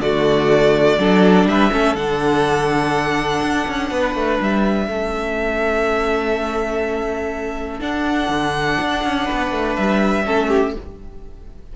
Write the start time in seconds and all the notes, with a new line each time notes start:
0.00 D3 A3 F#4 D5
0.98 F#3 D4 A4
1.46 G3 B4 E5
1.72 A3 C#4 A4
1.95 D3 D4 F#5
3.42 D4
3.68 C#4
3.90 B3 B4
4.15 A3
4.41 G3 E5
4.88 A3 C#4 A4
7.80 D4 F#5
8.29 D3
8.80 D4
9.04 C#4
9.25 B3 B4
9.52 A3
9.76 G3 E5
10.25 A3 C#4 A4
10.48 G4